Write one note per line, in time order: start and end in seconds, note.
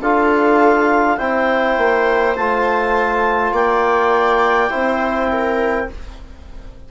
0.00 1.18 D4
0.00 1.18 F4
0.00 1.18 A4
0.00 1.17 F5
1.17 1.77 C4
1.17 2.36 E4
1.17 3.53 C5
1.17 2.35 G5
1.77 2.36 A#3
2.36 3.51 A3
2.36 4.69 F4
2.36 3.53 A5
3.51 4.69 A#3
3.51 4.70 D5
3.51 5.89 G5
4.69 5.91 C4
4.69 5.87 E4
4.69 5.28 C5
5.31 5.90 A#4